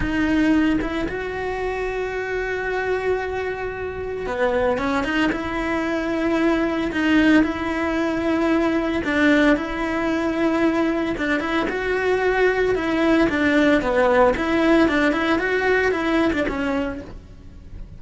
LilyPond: \new Staff \with { instrumentName = "cello" } { \time 4/4 \tempo 4 = 113 dis'4. e'8 fis'2~ | fis'1 | b4 cis'8 dis'8 e'2~ | e'4 dis'4 e'2~ |
e'4 d'4 e'2~ | e'4 d'8 e'8 fis'2 | e'4 d'4 b4 e'4 | d'8 e'8 fis'4 e'8. d'16 cis'4 | }